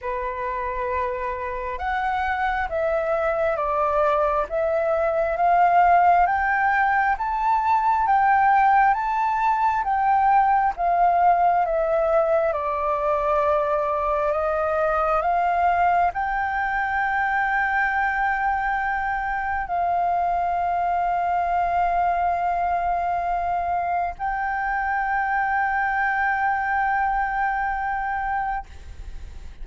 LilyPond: \new Staff \with { instrumentName = "flute" } { \time 4/4 \tempo 4 = 67 b'2 fis''4 e''4 | d''4 e''4 f''4 g''4 | a''4 g''4 a''4 g''4 | f''4 e''4 d''2 |
dis''4 f''4 g''2~ | g''2 f''2~ | f''2. g''4~ | g''1 | }